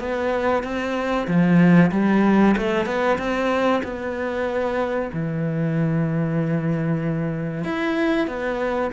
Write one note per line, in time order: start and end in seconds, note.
0.00 0.64 B3
0.64 1.28 C4
1.28 1.91 F3
1.92 2.56 G3
2.58 2.86 A3
2.86 3.18 B3
3.19 3.82 C4
3.84 5.12 B3
5.13 7.65 E3
7.65 8.28 E4
8.28 8.92 B3